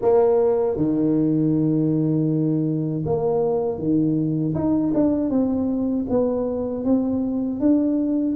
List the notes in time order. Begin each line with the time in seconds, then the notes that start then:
0.01 A#3
0.76 D#3
3.05 A#3
3.78 D#3
4.55 D#4
4.94 D4
5.30 C4
6.09 B3
6.84 C4
7.59 D4